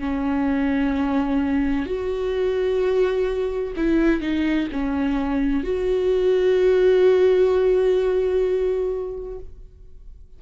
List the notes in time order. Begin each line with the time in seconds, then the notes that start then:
0.00 C#4
1.86 F#4
3.77 E4
4.21 D#4
4.73 C#4
5.64 F#4